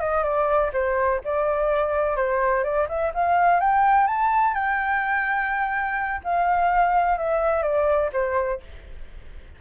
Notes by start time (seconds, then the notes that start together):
0.00 D#5
0.23 D5
0.73 C5
1.24 D5
2.16 C5
2.63 D5
2.88 E5
3.14 F5
3.60 G5
4.06 A5
4.54 G5
6.24 F5
7.17 E5
7.62 D5
8.12 C5